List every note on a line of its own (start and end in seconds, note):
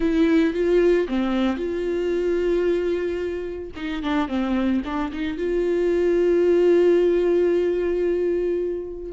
0.00 0.53 E4
0.53 1.07 F4
1.08 1.56 C4
1.56 3.71 F4
3.76 4.02 D#4
4.02 4.27 D4
4.27 4.81 C4
4.85 5.11 D4
5.12 5.37 D#4
5.37 9.12 F4